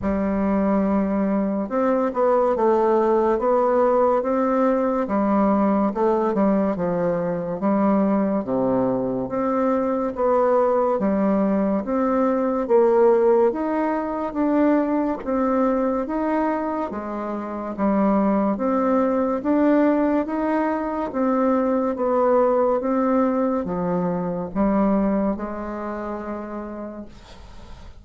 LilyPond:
\new Staff \with { instrumentName = "bassoon" } { \time 4/4 \tempo 4 = 71 g2 c'8 b8 a4 | b4 c'4 g4 a8 g8 | f4 g4 c4 c'4 | b4 g4 c'4 ais4 |
dis'4 d'4 c'4 dis'4 | gis4 g4 c'4 d'4 | dis'4 c'4 b4 c'4 | f4 g4 gis2 | }